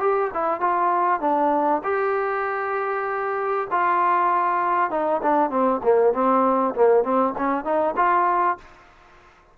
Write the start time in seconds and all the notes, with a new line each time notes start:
0.00 G4
0.33 E4
0.60 F4
1.21 D4
1.84 G4
3.71 F4
4.90 D#4
5.22 D4
5.50 C4
5.83 A#3
6.13 C4
6.75 A#3
7.03 C4
7.37 C#4
7.64 D#4
7.96 F4